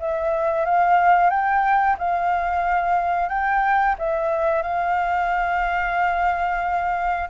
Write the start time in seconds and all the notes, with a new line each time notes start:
0.00 E5
0.66 F5
1.30 G5
1.99 F5
3.29 G5
3.99 E5
4.63 F5